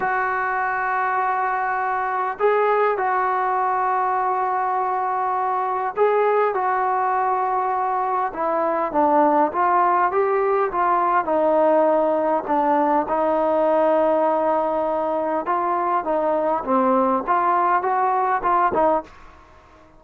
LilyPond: \new Staff \with { instrumentName = "trombone" } { \time 4/4 \tempo 4 = 101 fis'1 | gis'4 fis'2.~ | fis'2 gis'4 fis'4~ | fis'2 e'4 d'4 |
f'4 g'4 f'4 dis'4~ | dis'4 d'4 dis'2~ | dis'2 f'4 dis'4 | c'4 f'4 fis'4 f'8 dis'8 | }